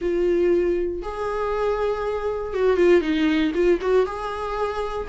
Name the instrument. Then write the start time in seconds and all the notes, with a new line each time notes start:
viola
0.01 F4
1.02 G#4
2.53 F#4
2.77 F4
3.01 D#4
3.54 F4
3.81 F#4
4.06 G#4